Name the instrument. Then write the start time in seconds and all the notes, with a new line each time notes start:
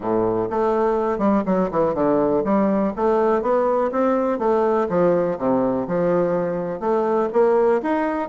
bassoon
0.00 A2
0.50 A3
1.18 G3
1.45 F#3
1.71 E3
1.94 D3
2.44 G3
2.96 A3
3.42 B3
3.91 C4
4.39 A3
4.89 F3
5.38 C3
5.87 F3
6.80 A3
7.32 A#3
7.82 D#4